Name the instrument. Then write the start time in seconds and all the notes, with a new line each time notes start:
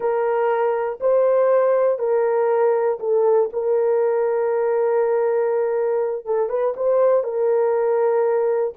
horn
0.00 A#4
1.00 C5
1.98 A#4
2.99 A4
3.52 A#4
6.25 A4
6.49 B4
6.76 C5
7.23 A#4